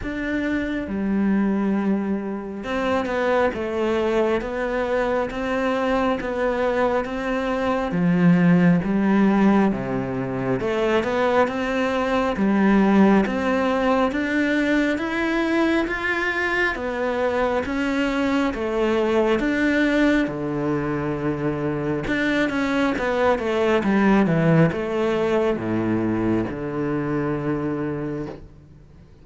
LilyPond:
\new Staff \with { instrumentName = "cello" } { \time 4/4 \tempo 4 = 68 d'4 g2 c'8 b8 | a4 b4 c'4 b4 | c'4 f4 g4 c4 | a8 b8 c'4 g4 c'4 |
d'4 e'4 f'4 b4 | cis'4 a4 d'4 d4~ | d4 d'8 cis'8 b8 a8 g8 e8 | a4 a,4 d2 | }